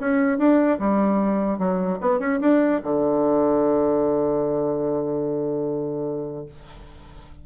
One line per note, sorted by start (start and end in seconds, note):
0.00 0.38 C#4
0.38 0.78 D4
0.79 1.58 G3
1.58 1.98 F#3
2.01 2.19 B3
2.19 2.39 C#4
2.41 2.81 D4
2.83 6.46 D3